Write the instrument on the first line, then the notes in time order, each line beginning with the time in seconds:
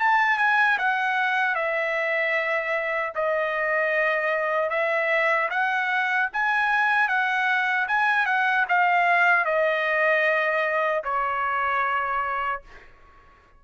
trumpet
0.00 A5
0.39 G#5
0.79 F#5
1.55 E5
3.15 D#5
4.70 E5
5.51 F#5
6.33 G#5
7.08 F#5
7.88 G#5
8.26 F#5
8.69 F5
9.45 D#5
11.04 C#5